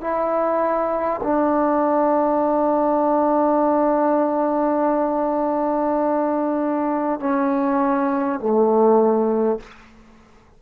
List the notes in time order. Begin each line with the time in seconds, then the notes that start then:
0.00 E4
1.23 D4
7.19 C#4
8.39 A3